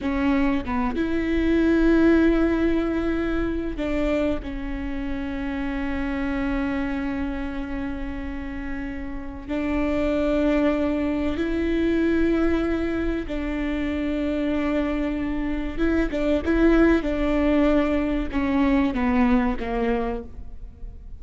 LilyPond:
\new Staff \with { instrumentName = "viola" } { \time 4/4 \tempo 4 = 95 cis'4 b8 e'2~ e'8~ | e'2 d'4 cis'4~ | cis'1~ | cis'2. d'4~ |
d'2 e'2~ | e'4 d'2.~ | d'4 e'8 d'8 e'4 d'4~ | d'4 cis'4 b4 ais4 | }